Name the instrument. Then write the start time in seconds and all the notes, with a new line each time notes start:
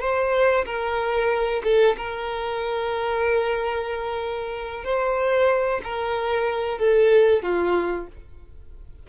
violin
0.00 C5
0.65 A#4
1.64 A4
1.96 A#4
4.84 C5
5.84 A#4
6.78 A4
7.42 F4